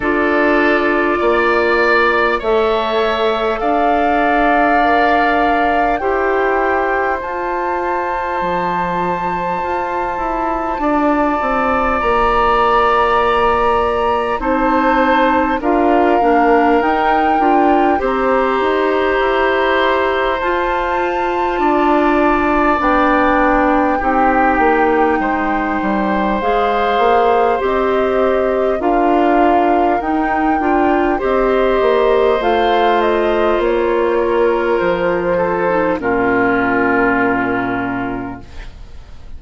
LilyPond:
<<
  \new Staff \with { instrumentName = "flute" } { \time 4/4 \tempo 4 = 50 d''2 e''4 f''4~ | f''4 g''4 a''2~ | a''2 ais''2 | a''4 f''4 g''4 ais''4~ |
ais''4 a''2 g''4~ | g''2 f''4 dis''4 | f''4 g''4 dis''4 f''8 dis''8 | cis''4 c''4 ais'2 | }
  \new Staff \with { instrumentName = "oboe" } { \time 4/4 a'4 d''4 cis''4 d''4~ | d''4 c''2.~ | c''4 d''2. | c''4 ais'2 c''4~ |
c''2 d''2 | g'4 c''2. | ais'2 c''2~ | c''8 ais'4 a'8 f'2 | }
  \new Staff \with { instrumentName = "clarinet" } { \time 4/4 f'2 a'2 | ais'4 g'4 f'2~ | f'1 | dis'4 f'8 d'8 dis'8 f'8 g'4~ |
g'4 f'2 d'4 | dis'2 gis'4 g'4 | f'4 dis'8 f'8 g'4 f'4~ | f'4.~ f'16 dis'16 cis'2 | }
  \new Staff \with { instrumentName = "bassoon" } { \time 4/4 d'4 ais4 a4 d'4~ | d'4 e'4 f'4 f4 | f'8 e'8 d'8 c'8 ais2 | c'4 d'8 ais8 dis'8 d'8 c'8 dis'8 |
e'4 f'4 d'4 b4 | c'8 ais8 gis8 g8 gis8 ais8 c'4 | d'4 dis'8 d'8 c'8 ais8 a4 | ais4 f4 ais,2 | }
>>